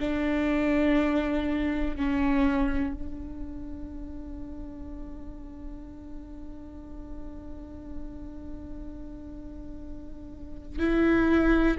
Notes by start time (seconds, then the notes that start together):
0.00 D4
1.97 C#4
2.94 D4
10.79 E4